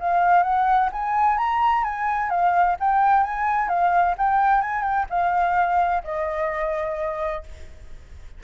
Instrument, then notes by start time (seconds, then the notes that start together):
flute
0.00 F5
0.43 F#5
0.92 G#5
1.38 A#5
1.84 G#5
2.30 F5
2.80 G5
3.24 G#5
3.69 F5
4.18 G5
4.62 G#5
4.83 G5
5.10 F5
6.04 D#5